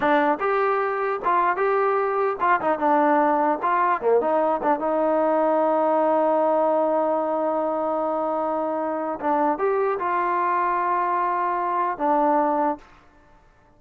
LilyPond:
\new Staff \with { instrumentName = "trombone" } { \time 4/4 \tempo 4 = 150 d'4 g'2 f'4 | g'2 f'8 dis'8 d'4~ | d'4 f'4 ais8 dis'4 d'8 | dis'1~ |
dis'1~ | dis'2. d'4 | g'4 f'2.~ | f'2 d'2 | }